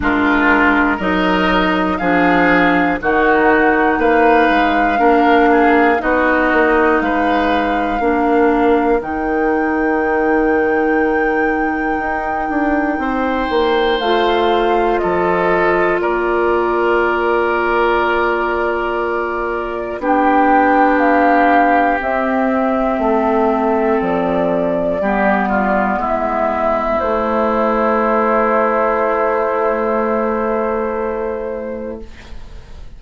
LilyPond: <<
  \new Staff \with { instrumentName = "flute" } { \time 4/4 \tempo 4 = 60 ais'4 dis''4 f''4 fis''4 | f''2 dis''4 f''4~ | f''4 g''2.~ | g''2 f''4 dis''4 |
d''1 | g''4 f''4 e''2 | d''2 e''4 c''4~ | c''1 | }
  \new Staff \with { instrumentName = "oboe" } { \time 4/4 f'4 ais'4 gis'4 fis'4 | b'4 ais'8 gis'8 fis'4 b'4 | ais'1~ | ais'4 c''2 a'4 |
ais'1 | g'2. a'4~ | a'4 g'8 f'8 e'2~ | e'1 | }
  \new Staff \with { instrumentName = "clarinet" } { \time 4/4 d'4 dis'4 d'4 dis'4~ | dis'4 d'4 dis'2 | d'4 dis'2.~ | dis'2 f'2~ |
f'1 | d'2 c'2~ | c'4 b2 a4~ | a1 | }
  \new Staff \with { instrumentName = "bassoon" } { \time 4/4 gis4 fis4 f4 dis4 | ais8 gis8 ais4 b8 ais8 gis4 | ais4 dis2. | dis'8 d'8 c'8 ais8 a4 f4 |
ais1 | b2 c'4 a4 | f4 g4 gis4 a4~ | a1 | }
>>